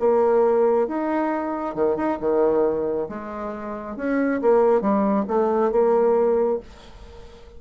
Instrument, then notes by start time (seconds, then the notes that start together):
bassoon
0.00 A#3
0.88 D#4
1.75 D#3
1.97 D#4
2.20 D#3
3.09 G#3
3.97 C#4
4.42 A#3
4.81 G3
5.28 A3
5.72 A#3